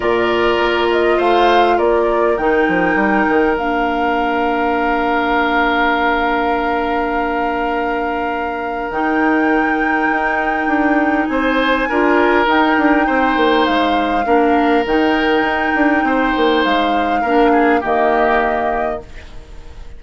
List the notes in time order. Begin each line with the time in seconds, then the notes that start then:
0.00 A#2 F4 A#4 D5
0.58 A#3
0.91 D#5
1.17 A3 C5 F5
1.77 A#3 A#4 D5
2.37 D#3 D#4 G5
2.68 F3
2.95 G3
3.28 D#3
3.56 A#3 D4 F5
8.89 D#3 D#4 G5
10.11 D#4
10.67 D4
11.26 C4 C5 G#5
11.88 D4 F4 A#4
12.45 D#4 G5
12.77 D4
13.06 C4 C5
13.36 A#3
13.65 G#3 F5
14.24 A#3 D4 A#4
14.85 D#3 D#4 G5
15.41 D#4
15.75 D4
16.03 C4 C5
16.36 A#3
16.64 G#3 F5
17.21 A#3 D4 A#4
17.51 G#4
17.80 D#3 A#3 G4 D#5